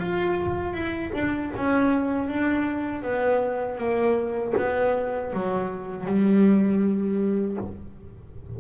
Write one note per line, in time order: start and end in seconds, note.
0.00 0.74 F4
0.74 1.12 E4
1.14 1.52 D4
1.56 2.28 C#4
2.28 3.02 D4
3.02 3.78 B3
3.78 4.54 A#3
4.57 5.33 B3
5.33 6.06 F#3
6.06 7.58 G3